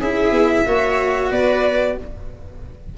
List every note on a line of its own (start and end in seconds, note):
0.00 0.32 C#4
0.00 0.66 E4
0.00 0.66 G#4
0.00 1.32 E5
0.32 0.65 B3
0.66 1.32 A#3
0.66 1.98 F#4
0.66 1.31 C#5
1.31 1.98 B3
1.31 1.97 B4
1.31 1.98 D5